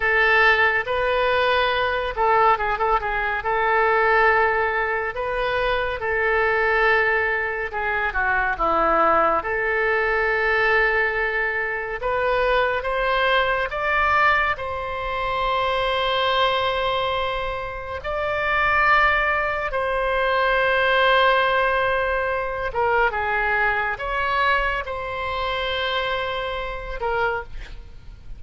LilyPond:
\new Staff \with { instrumentName = "oboe" } { \time 4/4 \tempo 4 = 70 a'4 b'4. a'8 gis'16 a'16 gis'8 | a'2 b'4 a'4~ | a'4 gis'8 fis'8 e'4 a'4~ | a'2 b'4 c''4 |
d''4 c''2.~ | c''4 d''2 c''4~ | c''2~ c''8 ais'8 gis'4 | cis''4 c''2~ c''8 ais'8 | }